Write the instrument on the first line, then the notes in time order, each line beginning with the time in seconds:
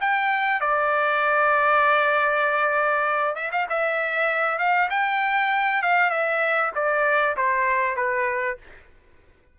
trumpet
0.00 G5
0.61 D5
3.36 E5
3.52 F5
3.69 E5
4.59 F5
4.90 G5
5.82 F5
6.10 E5
6.75 D5
7.37 C5
7.96 B4